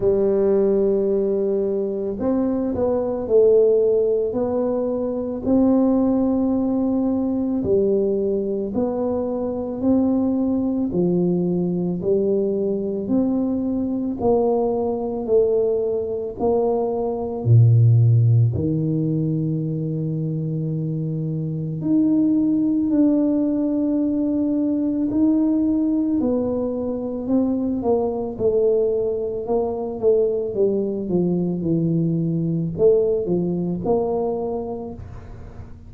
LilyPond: \new Staff \with { instrumentName = "tuba" } { \time 4/4 \tempo 4 = 55 g2 c'8 b8 a4 | b4 c'2 g4 | b4 c'4 f4 g4 | c'4 ais4 a4 ais4 |
ais,4 dis2. | dis'4 d'2 dis'4 | b4 c'8 ais8 a4 ais8 a8 | g8 f8 e4 a8 f8 ais4 | }